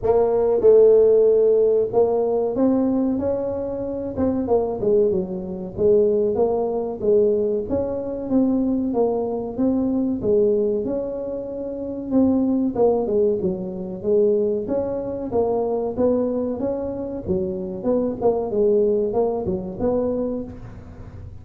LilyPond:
\new Staff \with { instrumentName = "tuba" } { \time 4/4 \tempo 4 = 94 ais4 a2 ais4 | c'4 cis'4. c'8 ais8 gis8 | fis4 gis4 ais4 gis4 | cis'4 c'4 ais4 c'4 |
gis4 cis'2 c'4 | ais8 gis8 fis4 gis4 cis'4 | ais4 b4 cis'4 fis4 | b8 ais8 gis4 ais8 fis8 b4 | }